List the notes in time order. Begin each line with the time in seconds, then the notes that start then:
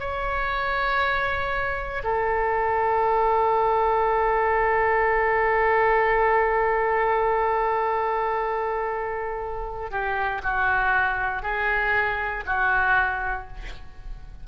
0.00 C#5
2.04 A4
9.91 G4
10.43 F#4
11.43 G#4
12.46 F#4